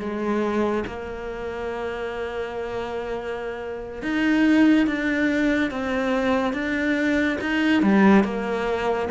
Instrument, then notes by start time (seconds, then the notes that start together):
cello
0.00 G#3
0.87 A#3
4.03 D#4
4.87 D4
5.71 C4
6.54 D4
7.41 D#4
7.83 G3
8.24 A#3